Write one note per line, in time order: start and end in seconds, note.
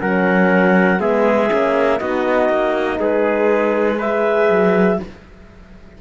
0.00 1.00 F#3
0.00 1.00 C#4
0.00 1.00 A#4
0.00 1.01 F#5
1.00 1.50 G#3
1.00 1.49 B3
1.00 2.00 G#4
1.00 1.99 E5
1.49 2.01 A#3
1.49 1.99 C#4
1.99 2.50 B3
1.99 3.99 D#4
1.99 3.00 F#4
1.99 2.99 D#5
2.50 3.00 A#3
3.00 4.50 G#3
3.00 3.98 G#4
3.00 4.00 B4
3.98 5.01 G#4
3.98 4.98 B4
3.98 5.01 E5
4.50 5.00 F#3